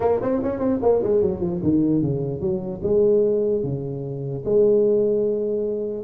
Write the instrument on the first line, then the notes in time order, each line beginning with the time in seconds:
tuba
0.00 A#3
0.21 C4
0.42 C#4
0.59 C4
0.82 A#3
1.03 G#3
1.21 F#3
1.40 F3
1.63 D#3
2.02 C#3
2.40 F#3
2.82 G#3
3.63 C#3
4.45 G#3